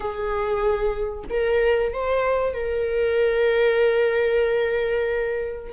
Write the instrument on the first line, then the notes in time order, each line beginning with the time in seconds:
viola
0.00 G#4
1.30 A#4
1.93 C5
2.53 A#4